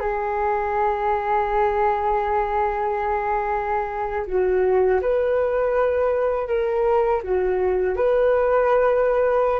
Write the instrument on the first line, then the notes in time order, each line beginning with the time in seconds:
flute
0.00 G#4
4.27 F#4
5.02 B4
6.48 A#4
7.23 F#4
7.96 B4